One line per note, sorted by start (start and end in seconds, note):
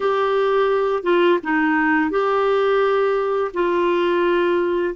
0.00 1.03 G4
1.03 1.38 F4
1.43 2.10 D#4
2.10 3.51 G4
3.53 4.94 F4